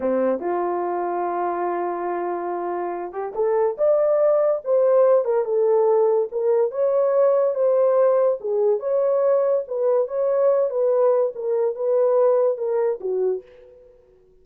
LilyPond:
\new Staff \with { instrumentName = "horn" } { \time 4/4 \tempo 4 = 143 c'4 f'2.~ | f'2.~ f'8 g'8 | a'4 d''2 c''4~ | c''8 ais'8 a'2 ais'4 |
cis''2 c''2 | gis'4 cis''2 b'4 | cis''4. b'4. ais'4 | b'2 ais'4 fis'4 | }